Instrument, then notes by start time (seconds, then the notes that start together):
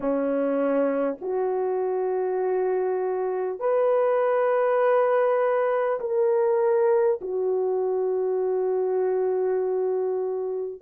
horn
0.00 C#4
1.21 F#4
3.59 B4
5.99 A#4
7.21 F#4